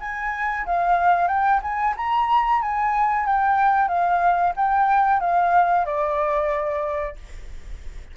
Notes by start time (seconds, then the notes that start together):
0.00 G#5
0.66 F5
1.27 G5
1.62 G#5
1.97 A#5
2.61 G#5
3.26 G5
3.88 F5
4.56 G5
5.20 F5
5.85 D5